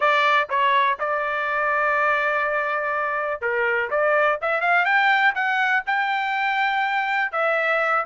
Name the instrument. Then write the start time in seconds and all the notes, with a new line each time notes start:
trumpet
0.00 D5
0.49 C#5
0.99 D5
3.41 A#4
3.90 D5
4.41 E5
4.60 F5
4.85 G5
5.35 F#5
5.86 G5
7.31 E5